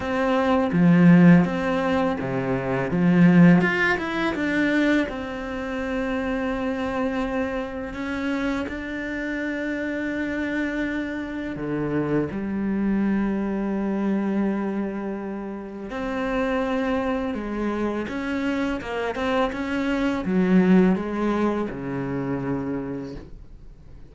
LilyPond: \new Staff \with { instrumentName = "cello" } { \time 4/4 \tempo 4 = 83 c'4 f4 c'4 c4 | f4 f'8 e'8 d'4 c'4~ | c'2. cis'4 | d'1 |
d4 g2.~ | g2 c'2 | gis4 cis'4 ais8 c'8 cis'4 | fis4 gis4 cis2 | }